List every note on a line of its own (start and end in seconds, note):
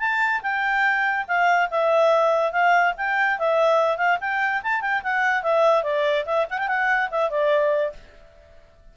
0.00 0.42 A5
0.43 1.26 G5
1.28 1.70 F5
1.71 2.52 E5
2.52 2.94 F5
2.98 3.39 G5
3.39 3.98 E5
3.98 4.18 F5
4.21 4.62 G5
4.63 4.81 A5
4.81 5.02 G5
5.04 5.43 F#5
5.43 5.84 E5
5.84 6.25 D5
6.26 6.47 E5
6.50 6.58 F#5
6.58 6.68 G5
6.68 7.10 F#5
7.11 7.30 E5
7.30 7.93 D5